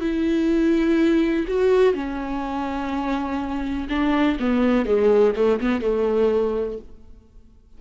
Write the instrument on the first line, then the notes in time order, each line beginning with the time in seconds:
viola
0.00 E4
1.47 F#4
1.94 C#4
3.88 D4
4.39 B3
4.85 G#3
5.35 A3
5.60 B3
5.81 A3